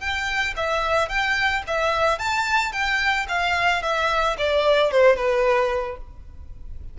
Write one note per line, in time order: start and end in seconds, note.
0.00 0.54 G5
0.56 1.09 E5
1.09 1.63 G5
1.67 2.19 E5
2.19 2.72 A5
2.72 3.26 G5
3.28 3.82 F5
3.82 4.36 E5
4.38 4.91 D5
4.91 5.16 C5
5.16 5.97 B4